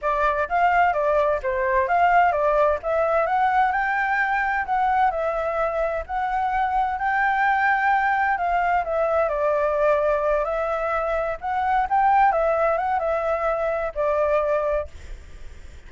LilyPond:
\new Staff \with { instrumentName = "flute" } { \time 4/4 \tempo 4 = 129 d''4 f''4 d''4 c''4 | f''4 d''4 e''4 fis''4 | g''2 fis''4 e''4~ | e''4 fis''2 g''4~ |
g''2 f''4 e''4 | d''2~ d''8 e''4.~ | e''8 fis''4 g''4 e''4 fis''8 | e''2 d''2 | }